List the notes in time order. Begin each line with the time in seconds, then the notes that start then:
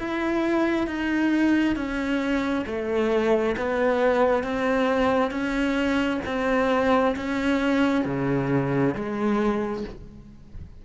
0.00 E4
0.88 D#4
1.76 C#4
2.67 A3
3.57 B3
4.44 C4
5.31 C#4
6.26 C4
7.16 C#4
8.05 C#3
8.95 G#3